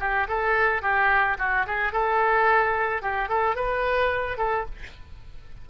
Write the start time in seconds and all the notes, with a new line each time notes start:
0.00 G4
0.28 A4
0.82 G4
1.39 F#4
1.67 G#4
1.93 A4
3.02 G4
3.29 A4
3.56 B4
4.38 A4